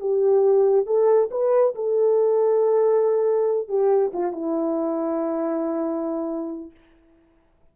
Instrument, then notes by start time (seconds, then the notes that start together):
horn
0.00 G4
0.86 A4
1.31 B4
1.75 A4
3.68 G4
4.13 F4
4.32 E4